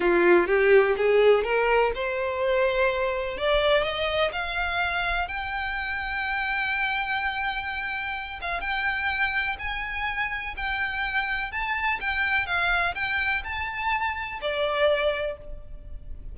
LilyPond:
\new Staff \with { instrumentName = "violin" } { \time 4/4 \tempo 4 = 125 f'4 g'4 gis'4 ais'4 | c''2. d''4 | dis''4 f''2 g''4~ | g''1~ |
g''4. f''8 g''2 | gis''2 g''2 | a''4 g''4 f''4 g''4 | a''2 d''2 | }